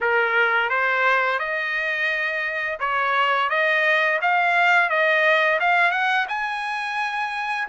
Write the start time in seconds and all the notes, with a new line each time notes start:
0.01 A#4
0.69 C5
1.39 D#5
2.79 C#5
3.49 D#5
4.21 F5
4.89 D#5
5.59 F5
5.91 F#5
6.28 G#5